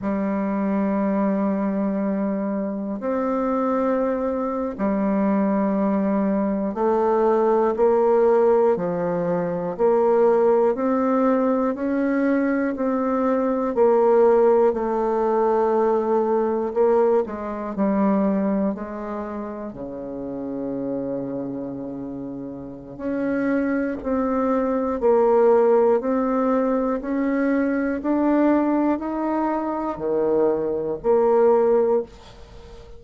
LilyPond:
\new Staff \with { instrumentName = "bassoon" } { \time 4/4 \tempo 4 = 60 g2. c'4~ | c'8. g2 a4 ais16~ | ais8. f4 ais4 c'4 cis'16~ | cis'8. c'4 ais4 a4~ a16~ |
a8. ais8 gis8 g4 gis4 cis16~ | cis2. cis'4 | c'4 ais4 c'4 cis'4 | d'4 dis'4 dis4 ais4 | }